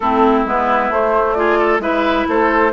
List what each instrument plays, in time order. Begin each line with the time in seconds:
0.00 bassoon A3, clarinet C4, oboe E4, flute A4
0.45 bassoon G#3, clarinet B3, flute B4
0.89 bassoon A3, clarinet A3, flute C5
1.33 clarinet F4, oboe G#4, flute D5
1.58 oboe A4
1.79 bassoon G#3, clarinet E4, oboe B4, flute E5
2.28 bassoon A3, oboe A4, flute C5